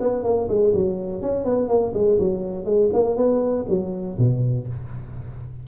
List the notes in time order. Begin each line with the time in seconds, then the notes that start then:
0.00 B3
0.23 A#3
0.49 G#3
0.74 F#3
1.22 C#4
1.45 B3
1.68 A#3
1.94 G#3
2.19 F#3
2.65 G#3
2.93 A#3
3.16 B3
3.69 F#3
4.18 B2